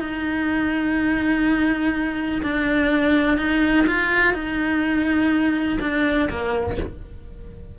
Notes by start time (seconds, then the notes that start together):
0.00 D#4
2.42 D4
3.38 D#4
3.87 F4
4.34 D#4
5.81 D4
6.30 A#3